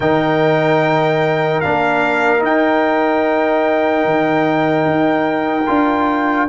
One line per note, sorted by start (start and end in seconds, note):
0.00 1.61 D#3
0.00 1.63 D#4
0.00 6.48 A#4
0.00 1.60 G5
1.60 2.42 A#3
1.60 2.38 D4
1.60 2.41 F5
2.38 5.63 D#4
2.38 4.04 D#4
2.45 6.48 G5
4.04 4.85 D#3
4.85 5.66 D#4
5.66 6.48 D4
5.66 6.47 F4